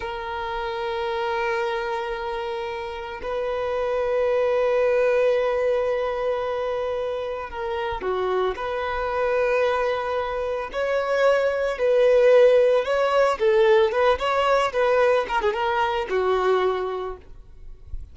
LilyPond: \new Staff \with { instrumentName = "violin" } { \time 4/4 \tempo 4 = 112 ais'1~ | ais'2 b'2~ | b'1~ | b'2 ais'4 fis'4 |
b'1 | cis''2 b'2 | cis''4 a'4 b'8 cis''4 b'8~ | b'8 ais'16 gis'16 ais'4 fis'2 | }